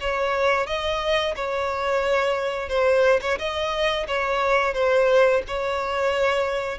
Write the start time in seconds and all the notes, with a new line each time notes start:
0.00 C#5
0.66 D#5
1.36 C#5
2.69 C5
3.21 C#5
3.39 D#5
4.07 C#5
4.74 C5
5.47 C#5